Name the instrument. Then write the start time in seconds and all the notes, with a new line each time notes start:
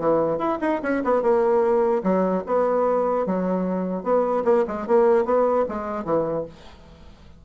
bassoon
0.00 E3
0.39 E4
0.62 D#4
0.83 C#4
1.05 B3
1.23 A#3
2.04 F#3
2.47 B3
3.27 F#3
4.04 B3
4.45 A#3
4.68 G#3
4.87 A#3
5.26 B3
5.69 G#3
6.05 E3